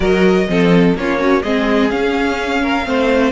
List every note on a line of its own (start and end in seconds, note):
0.00 0.48 F#3
0.00 0.47 F#4
0.00 0.47 A#4
0.00 0.95 D#5
0.48 0.94 F3
0.48 0.96 C4
0.48 0.98 A4
0.94 1.42 A#3
0.94 1.18 C#4
0.94 1.18 F4
0.94 1.42 C#5
1.18 1.42 C#4
1.18 1.42 F#4
1.42 1.92 G#3
1.42 1.90 C4
1.42 2.61 G#4
1.42 1.89 D#5
1.90 2.84 C#4
1.90 2.86 C#4
1.90 3.31 F5
2.62 2.86 A#4
2.84 3.31 A3
2.84 3.31 C4
2.84 3.31 C5